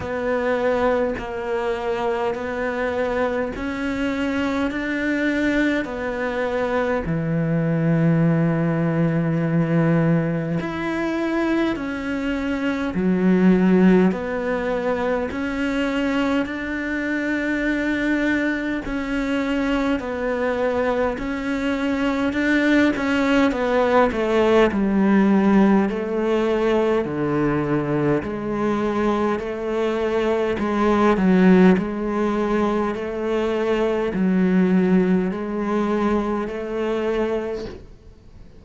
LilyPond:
\new Staff \with { instrumentName = "cello" } { \time 4/4 \tempo 4 = 51 b4 ais4 b4 cis'4 | d'4 b4 e2~ | e4 e'4 cis'4 fis4 | b4 cis'4 d'2 |
cis'4 b4 cis'4 d'8 cis'8 | b8 a8 g4 a4 d4 | gis4 a4 gis8 fis8 gis4 | a4 fis4 gis4 a4 | }